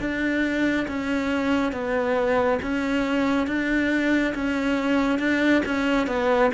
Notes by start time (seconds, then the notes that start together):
0.00 D4
0.88 C#4
1.72 B3
2.63 C#4
3.47 D4
4.35 C#4
5.19 D4
5.66 C#4
6.08 B3